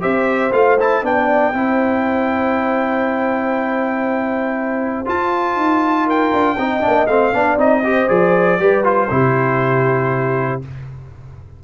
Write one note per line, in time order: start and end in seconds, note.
0.00 0.52 C4
0.00 0.50 G4
0.00 1.02 C5
0.00 0.51 E5
0.52 1.02 A3
0.52 0.78 F4
0.52 0.77 F5
0.79 1.03 E4
0.79 1.05 A5
1.02 1.53 B3
1.02 1.53 D4
1.02 1.54 D5
1.02 5.08 G5
1.53 5.06 C4
1.53 5.05 E4
1.53 6.05 C5
5.05 6.56 F4
5.05 5.55 F4
5.05 6.09 A5
5.55 6.31 D#4
6.05 6.56 A#4
6.05 7.07 G5
6.32 6.57 D4
6.57 6.82 C4
6.57 6.81 D#4
6.57 7.33 D#5
6.81 7.06 D4
6.87 7.07 A#3
7.07 7.32 A3
7.07 7.33 C4
7.07 7.57 F5
7.33 7.56 B3
7.33 7.58 D4
7.33 7.84 D5
7.56 8.07 C4
7.56 7.83 D#4
7.56 8.09 D#5
7.83 8.08 G4
7.83 8.60 C5
8.08 8.59 F3
8.08 8.58 G#4
8.08 8.84 D5
8.59 9.09 G3
8.59 8.83 G4
8.59 9.11 B4
8.83 9.08 F4
8.83 10.61 C5
9.10 10.61 C3
9.10 10.61 E4
9.10 10.63 G4